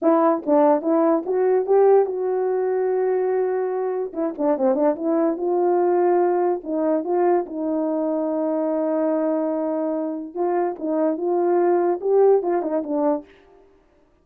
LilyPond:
\new Staff \with { instrumentName = "horn" } { \time 4/4 \tempo 4 = 145 e'4 d'4 e'4 fis'4 | g'4 fis'2.~ | fis'2 e'8 d'8 c'8 d'8 | e'4 f'2. |
dis'4 f'4 dis'2~ | dis'1~ | dis'4 f'4 dis'4 f'4~ | f'4 g'4 f'8 dis'8 d'4 | }